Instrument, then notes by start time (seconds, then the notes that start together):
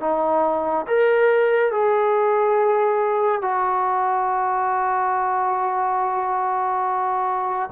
trombone
0.00 D#4
0.87 A#4
1.72 G#4
3.42 F#4